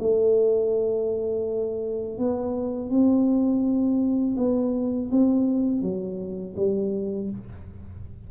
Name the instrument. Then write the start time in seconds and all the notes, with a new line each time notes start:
tuba
0.00 A3
2.19 B3
2.90 C4
4.37 B3
5.12 C4
5.82 F#3
6.57 G3